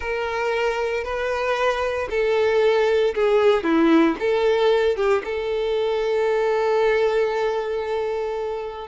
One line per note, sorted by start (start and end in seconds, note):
0.00 1.03 A#4
1.03 2.08 B4
2.10 3.14 A4
3.14 3.63 G#4
3.63 4.15 E4
4.19 4.96 A4
4.96 5.22 G4
5.24 8.87 A4